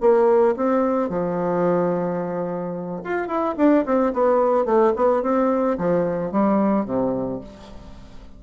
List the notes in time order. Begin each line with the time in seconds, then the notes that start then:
0.00 A#3
0.56 C4
1.09 F3
3.04 F4
3.27 E4
3.57 D4
3.85 C4
4.13 B3
4.65 A3
4.96 B3
5.22 C4
5.78 F3
6.32 G3
6.85 C3